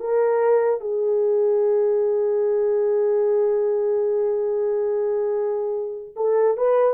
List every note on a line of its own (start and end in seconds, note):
0.00 0.81 A#4
0.81 6.15 G#4
6.16 6.57 A4
6.57 6.94 B4